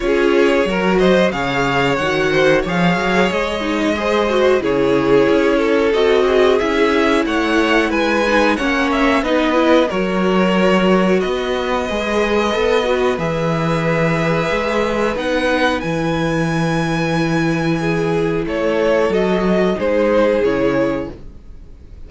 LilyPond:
<<
  \new Staff \with { instrumentName = "violin" } { \time 4/4 \tempo 4 = 91 cis''4. dis''8 f''4 fis''4 | f''4 dis''2 cis''4~ | cis''4 dis''4 e''4 fis''4 | gis''4 fis''8 e''8 dis''4 cis''4~ |
cis''4 dis''2. | e''2. fis''4 | gis''1 | cis''4 dis''4 c''4 cis''4 | }
  \new Staff \with { instrumentName = "violin" } { \time 4/4 gis'4 ais'8 c''8 cis''4. c''8 | cis''2 c''4 gis'4~ | gis'8 a'4 gis'4. cis''4 | b'4 cis''4 b'4 ais'4~ |
ais'4 b'2.~ | b'1~ | b'2. gis'4 | a'2 gis'2 | }
  \new Staff \with { instrumentName = "viola" } { \time 4/4 f'4 fis'4 gis'4 fis'4 | gis'4. dis'8 gis'8 fis'8 e'4~ | e'4 fis'4 e'2~ | e'8 dis'8 cis'4 dis'8 e'8 fis'4~ |
fis'2 gis'4 a'8 fis'8 | gis'2. dis'4 | e'1~ | e'4 fis'4 dis'4 e'4 | }
  \new Staff \with { instrumentName = "cello" } { \time 4/4 cis'4 fis4 cis4 dis4 | f8 fis8 gis2 cis4 | cis'4 c'4 cis'4 a4 | gis4 ais4 b4 fis4~ |
fis4 b4 gis4 b4 | e2 gis4 b4 | e1 | a4 fis4 gis4 cis4 | }
>>